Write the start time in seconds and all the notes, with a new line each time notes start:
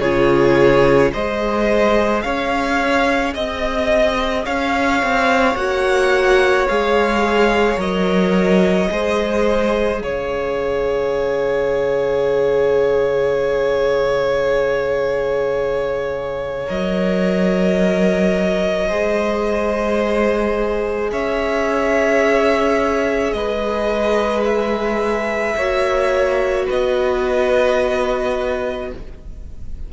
0.00 C#3 F4 G#4 C#5
1.12 G#3 G#4 C5 D#5
2.22 C#4 C#5 F5
3.34 C4 D#5
4.45 C#4 C#5 F5
5.03 C4
5.56 A#3 F#4 F#5
6.69 G#3 G#4 F5
7.77 F#3 A#4 D#5
8.91 G#3 G#4 C5
10.00 C#3 C#5 F5
16.66 F#3 A#4 D#5
18.88 G#3 G#4 C5
21.12 C#4 C#5 E5
23.33 G#3 B4 D#5
24.45 E5
25.56 A#3 F#4 C#5
26.66 B3 B4 D#5